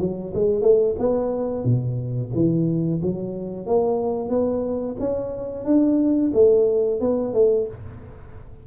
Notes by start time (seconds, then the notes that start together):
0.00 F#3
0.35 G#3
0.62 A3
0.99 B3
1.65 B2
2.35 E3
3.03 F#3
3.67 A#3
4.29 B3
5.00 C#4
5.65 D4
6.34 A3
7.01 B3
7.34 A3